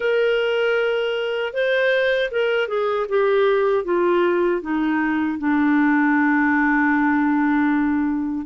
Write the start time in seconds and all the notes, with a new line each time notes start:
0.00 A#4
1.53 C5
2.31 A#4
2.67 G#4
3.08 G4
3.84 F4
4.62 D#4
5.38 D4